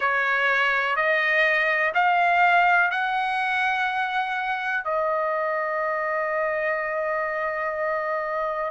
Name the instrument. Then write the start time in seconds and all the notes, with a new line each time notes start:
trumpet
0.00 C#5
0.95 D#5
1.94 F5
2.90 F#5
4.84 D#5